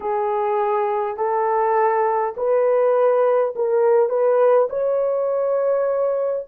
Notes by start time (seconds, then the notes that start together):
0.00 G#4
1.17 A4
2.36 B4
3.56 A#4
4.09 B4
4.70 C#5